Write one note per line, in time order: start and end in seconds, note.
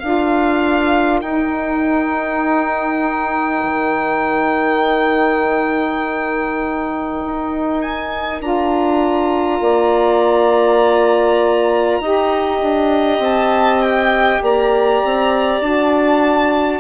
0.00 1.22 D4
0.00 1.23 F4
0.00 9.60 A#4
0.00 1.20 F5
1.22 3.62 D#4
1.22 8.42 D#4
1.22 7.81 G5
3.64 7.24 D#3
7.25 8.41 D#4
7.81 8.41 G#5
8.41 9.61 D4
8.41 12.02 F4
8.41 13.22 A#5
9.61 12.00 A#3
9.61 12.02 D5
12.00 12.60 D#4
12.00 15.63 G4
12.00 14.42 D#5
12.62 13.19 D4
13.19 14.39 C4
13.19 13.83 A5
13.83 14.43 G5
14.42 15.02 A#3
14.42 16.80 D5
14.42 15.62 A#5
15.05 15.61 C4
15.61 16.80 D4
15.61 16.80 F#4
15.61 16.80 A5